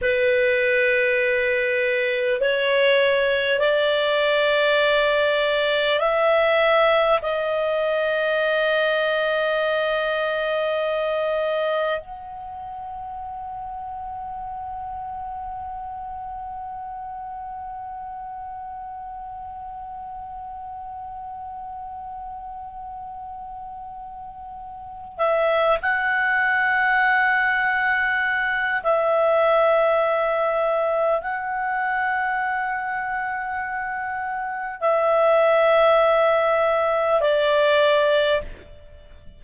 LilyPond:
\new Staff \with { instrumentName = "clarinet" } { \time 4/4 \tempo 4 = 50 b'2 cis''4 d''4~ | d''4 e''4 dis''2~ | dis''2 fis''2~ | fis''1~ |
fis''1~ | fis''4 e''8 fis''2~ fis''8 | e''2 fis''2~ | fis''4 e''2 d''4 | }